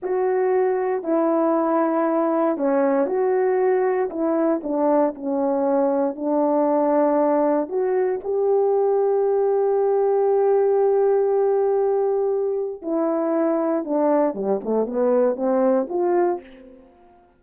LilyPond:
\new Staff \with { instrumentName = "horn" } { \time 4/4 \tempo 4 = 117 fis'2 e'2~ | e'4 cis'4 fis'2 | e'4 d'4 cis'2 | d'2. fis'4 |
g'1~ | g'1~ | g'4 e'2 d'4 | g8 a8 b4 c'4 f'4 | }